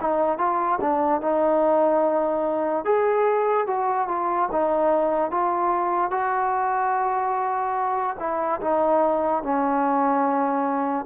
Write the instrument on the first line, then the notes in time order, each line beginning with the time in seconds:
trombone
0.00 D#4
0.38 F4
0.80 D4
1.21 D#4
2.84 G#4
3.67 F#4
4.08 F4
4.51 D#4
5.30 F4
6.10 F#4
8.19 E4
8.60 D#4
9.43 C#4